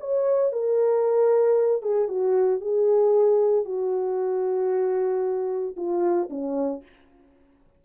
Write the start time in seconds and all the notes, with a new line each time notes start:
0.00 C#5
0.52 A#4
1.82 G#4
2.08 F#4
2.61 G#4
3.65 F#4
5.77 F4
6.30 C#4